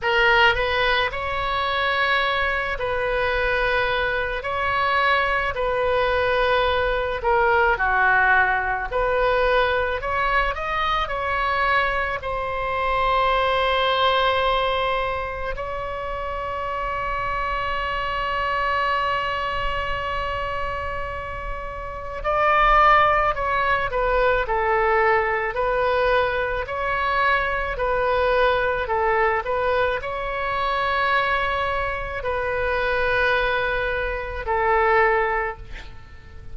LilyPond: \new Staff \with { instrumentName = "oboe" } { \time 4/4 \tempo 4 = 54 ais'8 b'8 cis''4. b'4. | cis''4 b'4. ais'8 fis'4 | b'4 cis''8 dis''8 cis''4 c''4~ | c''2 cis''2~ |
cis''1 | d''4 cis''8 b'8 a'4 b'4 | cis''4 b'4 a'8 b'8 cis''4~ | cis''4 b'2 a'4 | }